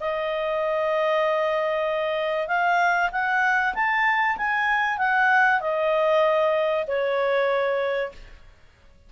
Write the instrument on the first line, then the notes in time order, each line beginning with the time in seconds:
clarinet
0.00 D#5
2.48 F5
3.12 F#5
3.75 A5
4.37 G#5
4.98 F#5
5.61 D#5
6.87 C#5